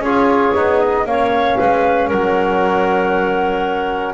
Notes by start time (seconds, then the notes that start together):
0.00 C#4 F4 G#4 C#5
0.55 B3 D#4
0.80 D#5
1.06 A#3 C#4 C#5 F5
1.58 G#3 B4
2.08 F#3 A#4 F#5